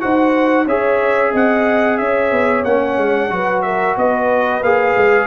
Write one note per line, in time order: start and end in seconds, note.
0.00 0.66 D#4
0.00 0.66 F#4
0.00 0.65 C5
0.00 0.66 F#5
0.65 1.31 C#4
0.65 2.66 G#4
0.65 1.31 C#5
0.65 1.33 E5
1.32 1.99 C4
1.32 1.98 D#5
1.32 1.97 F#5
1.97 2.31 C#4
1.97 3.32 C#5
1.97 2.63 E5
2.31 2.64 B3
2.64 2.97 A#3
2.64 3.30 C#4
2.64 3.62 F#5
2.97 3.30 G#3
3.30 3.96 F#3
3.30 4.62 F#4
3.30 3.64 B4
3.62 3.97 A#4
3.62 3.95 E5
3.96 4.61 B3
3.96 5.26 B4
3.96 4.63 D#5
4.61 4.94 A#3
4.61 5.26 G#4
4.61 5.26 F5
4.96 5.26 G#3